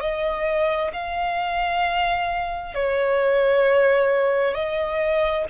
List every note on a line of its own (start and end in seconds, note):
0.00 0.91 D#5
0.93 2.74 F5
2.74 4.54 C#5
4.54 5.45 D#5